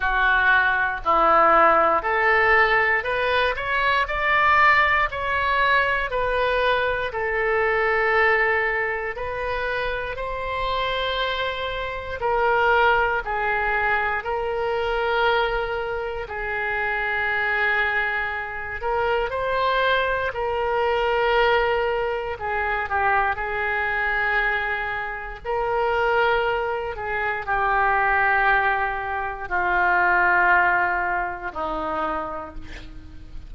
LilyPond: \new Staff \with { instrumentName = "oboe" } { \time 4/4 \tempo 4 = 59 fis'4 e'4 a'4 b'8 cis''8 | d''4 cis''4 b'4 a'4~ | a'4 b'4 c''2 | ais'4 gis'4 ais'2 |
gis'2~ gis'8 ais'8 c''4 | ais'2 gis'8 g'8 gis'4~ | gis'4 ais'4. gis'8 g'4~ | g'4 f'2 dis'4 | }